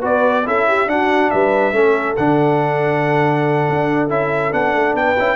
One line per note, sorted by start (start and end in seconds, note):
0.00 0.47 B3
0.00 0.44 F#4
0.00 0.43 B4
0.00 0.47 D5
0.46 0.87 C#4
0.46 0.88 E4
0.46 0.68 A4
0.46 0.89 E5
0.68 0.89 G4
0.87 1.30 D4
0.87 1.74 D4
0.87 1.33 F#4
0.87 1.30 F#5
1.30 1.72 G3
1.30 1.75 B4
1.30 2.16 E5
1.72 2.15 A3
1.72 2.16 C#4
1.72 4.97 A4
2.17 3.68 D3
2.17 4.10 D4
2.17 4.10 F#5
3.70 4.10 D4
4.10 4.52 C#4
4.10 4.52 E4
4.10 4.53 E5
4.52 4.75 B3
4.52 5.16 D4
4.52 4.96 F#5
4.75 4.94 A3
4.94 5.16 B3
4.94 5.36 B4
4.94 5.36 G5
5.18 5.36 C#4
5.18 5.36 E4